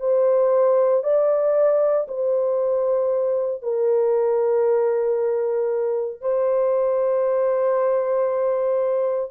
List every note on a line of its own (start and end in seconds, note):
0.00 1.03 C5
1.03 2.07 D5
2.08 3.63 C5
3.63 6.21 A#4
6.21 9.31 C5